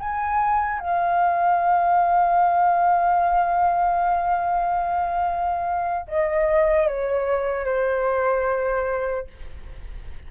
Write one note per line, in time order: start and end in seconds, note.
0.00 0.80 G#5
0.80 6.07 F5
6.08 6.88 D#5
6.88 7.65 C#5
7.65 9.28 C5